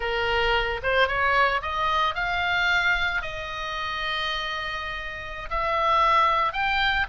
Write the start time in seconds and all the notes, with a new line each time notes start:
0.00 A#4
0.82 C5
1.07 C#5
1.62 D#5
2.14 F5
3.21 D#5
5.49 E5
6.53 G5